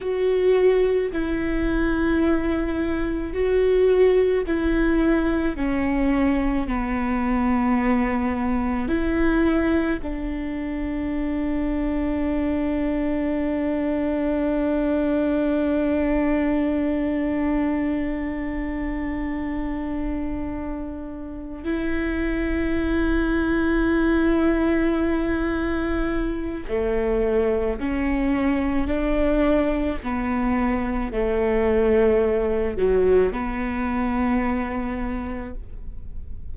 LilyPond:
\new Staff \with { instrumentName = "viola" } { \time 4/4 \tempo 4 = 54 fis'4 e'2 fis'4 | e'4 cis'4 b2 | e'4 d'2.~ | d'1~ |
d'2.~ d'8 e'8~ | e'1 | a4 cis'4 d'4 b4 | a4. fis8 b2 | }